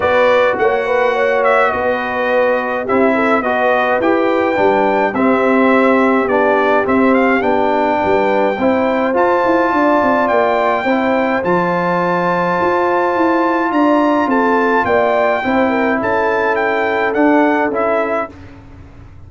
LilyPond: <<
  \new Staff \with { instrumentName = "trumpet" } { \time 4/4 \tempo 4 = 105 d''4 fis''4. e''8 dis''4~ | dis''4 e''4 dis''4 g''4~ | g''4 e''2 d''4 | e''8 f''8 g''2. |
a''2 g''2 | a''1 | ais''4 a''4 g''2 | a''4 g''4 fis''4 e''4 | }
  \new Staff \with { instrumentName = "horn" } { \time 4/4 b'4 cis''8 b'8 cis''4 b'4~ | b'4 g'8 a'8 b'2~ | b'4 g'2.~ | g'2 b'4 c''4~ |
c''4 d''2 c''4~ | c''1 | d''4 a'4 d''4 c''8 ais'8 | a'1 | }
  \new Staff \with { instrumentName = "trombone" } { \time 4/4 fis'1~ | fis'4 e'4 fis'4 g'4 | d'4 c'2 d'4 | c'4 d'2 e'4 |
f'2. e'4 | f'1~ | f'2. e'4~ | e'2 d'4 e'4 | }
  \new Staff \with { instrumentName = "tuba" } { \time 4/4 b4 ais2 b4~ | b4 c'4 b4 e'4 | g4 c'2 b4 | c'4 b4 g4 c'4 |
f'8 e'8 d'8 c'8 ais4 c'4 | f2 f'4 e'4 | d'4 c'4 ais4 c'4 | cis'2 d'4 cis'4 | }
>>